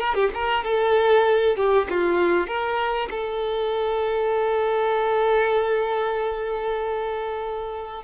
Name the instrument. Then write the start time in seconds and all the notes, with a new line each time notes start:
violin
0.00 A#4
0.15 G4
0.35 A#4
0.64 A4
1.57 G4
1.90 F4
2.47 A#4
3.10 A4